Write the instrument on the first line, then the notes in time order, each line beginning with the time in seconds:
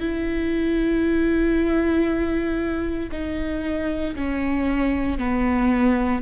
viola
0.00 E4
3.12 D#4
4.16 C#4
5.19 B3